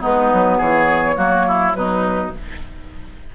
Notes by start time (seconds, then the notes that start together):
0.00 G#3 B3 D#4 B4
0.33 F#3
0.58 E3 G#4 C#5
1.15 F#3 A#3 F#4
1.48 E4
1.72 B2 F#3 D#4 B4